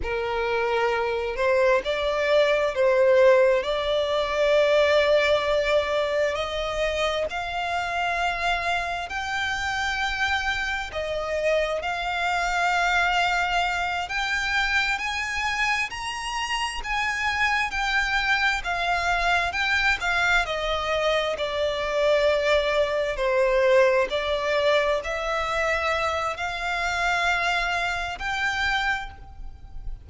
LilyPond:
\new Staff \with { instrumentName = "violin" } { \time 4/4 \tempo 4 = 66 ais'4. c''8 d''4 c''4 | d''2. dis''4 | f''2 g''2 | dis''4 f''2~ f''8 g''8~ |
g''8 gis''4 ais''4 gis''4 g''8~ | g''8 f''4 g''8 f''8 dis''4 d''8~ | d''4. c''4 d''4 e''8~ | e''4 f''2 g''4 | }